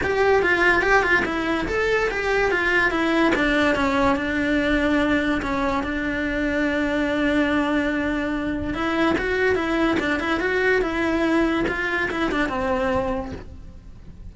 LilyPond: \new Staff \with { instrumentName = "cello" } { \time 4/4 \tempo 4 = 144 g'4 f'4 g'8 f'8 e'4 | a'4 g'4 f'4 e'4 | d'4 cis'4 d'2~ | d'4 cis'4 d'2~ |
d'1~ | d'4 e'4 fis'4 e'4 | d'8 e'8 fis'4 e'2 | f'4 e'8 d'8 c'2 | }